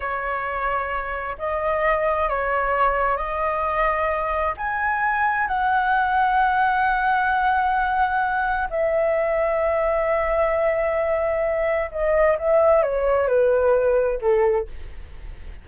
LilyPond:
\new Staff \with { instrumentName = "flute" } { \time 4/4 \tempo 4 = 131 cis''2. dis''4~ | dis''4 cis''2 dis''4~ | dis''2 gis''2 | fis''1~ |
fis''2. e''4~ | e''1~ | e''2 dis''4 e''4 | cis''4 b'2 a'4 | }